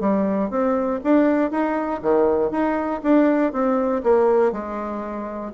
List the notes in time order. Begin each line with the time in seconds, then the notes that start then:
0.00 G3
0.50 C4
1.04 D4
1.51 D#4
2.02 D#3
2.51 D#4
3.03 D4
3.52 C4
4.03 A#3
4.52 G#3